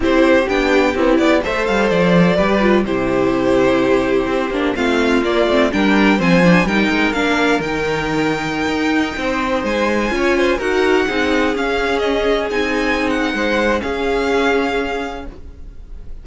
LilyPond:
<<
  \new Staff \with { instrumentName = "violin" } { \time 4/4 \tempo 4 = 126 c''4 g''4 b8 d''8 e''8 f''8 | d''2 c''2~ | c''2 f''4 d''4 | g''4 gis''4 g''4 f''4 |
g''1~ | g''16 gis''2 fis''4.~ fis''16~ | fis''16 f''4 dis''4 gis''4~ gis''16 fis''8~ | fis''4 f''2. | }
  \new Staff \with { instrumentName = "violin" } { \time 4/4 g'2. c''4~ | c''4 b'4 g'2~ | g'2 f'2 | ais'4 c''4 ais'2~ |
ais'2.~ ais'16 c''8.~ | c''4~ c''16 cis''8 c''8 ais'4 gis'8.~ | gis'1 | c''4 gis'2. | }
  \new Staff \with { instrumentName = "viola" } { \time 4/4 e'4 d'4 e'4 a'4~ | a'4 g'8 f'8 e'2~ | e'4. d'8 c'4 ais8 c'8 | d'4 c'8 d'8 dis'4 d'4 |
dis'1~ | dis'4~ dis'16 f'4 fis'4 dis'8.~ | dis'16 cis'2 dis'4.~ dis'16~ | dis'4 cis'2. | }
  \new Staff \with { instrumentName = "cello" } { \time 4/4 c'4 b4 c'8 b8 a8 g8 | f4 g4 c2~ | c4 c'8 ais8 a4 ais8 a8 | g4 f4 g8 gis8 ais4 |
dis2~ dis16 dis'4 c'8.~ | c'16 gis4 cis'4 dis'4 c'8.~ | c'16 cis'2 c'4.~ c'16 | gis4 cis'2. | }
>>